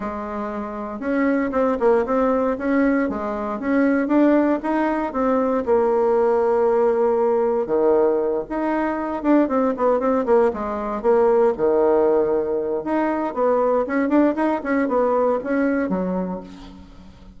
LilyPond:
\new Staff \with { instrumentName = "bassoon" } { \time 4/4 \tempo 4 = 117 gis2 cis'4 c'8 ais8 | c'4 cis'4 gis4 cis'4 | d'4 dis'4 c'4 ais4~ | ais2. dis4~ |
dis8 dis'4. d'8 c'8 b8 c'8 | ais8 gis4 ais4 dis4.~ | dis4 dis'4 b4 cis'8 d'8 | dis'8 cis'8 b4 cis'4 fis4 | }